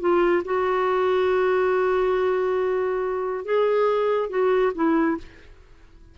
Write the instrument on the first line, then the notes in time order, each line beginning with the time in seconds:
clarinet
0.00 F4
0.45 F#4
3.45 G#4
4.30 F#4
4.75 E4